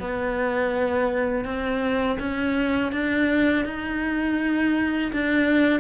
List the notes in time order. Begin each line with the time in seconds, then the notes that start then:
0.00 B3
1.45 C4
2.19 C#4
2.92 D4
3.66 D#4
5.13 D4